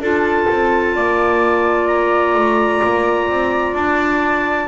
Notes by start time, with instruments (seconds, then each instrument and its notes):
0.00 double bass D4, clarinet F4 A5, flute A4
0.50 double bass C4
0.95 double bass A#3, flute D5
1.87 clarinet A#5
2.34 double bass A3
2.83 double bass A#3
3.29 double bass C4
3.74 double bass D4, clarinet A5